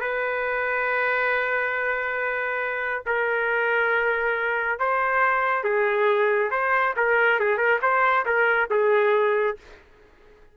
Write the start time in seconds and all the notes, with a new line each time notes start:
0.00 B4
3.06 A#4
4.79 C5
5.63 G#4
6.50 C5
6.96 A#4
7.39 G#4
7.57 A#4
7.81 C5
8.25 A#4
8.70 G#4